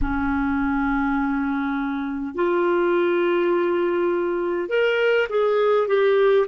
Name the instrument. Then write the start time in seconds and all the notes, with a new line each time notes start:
clarinet
0.01 C#4
2.34 F4
4.68 A#4
5.29 G#4
5.87 G4